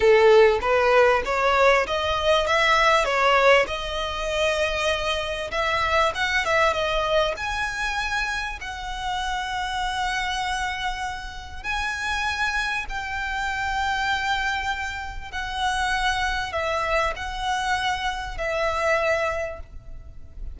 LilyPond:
\new Staff \with { instrumentName = "violin" } { \time 4/4 \tempo 4 = 98 a'4 b'4 cis''4 dis''4 | e''4 cis''4 dis''2~ | dis''4 e''4 fis''8 e''8 dis''4 | gis''2 fis''2~ |
fis''2. gis''4~ | gis''4 g''2.~ | g''4 fis''2 e''4 | fis''2 e''2 | }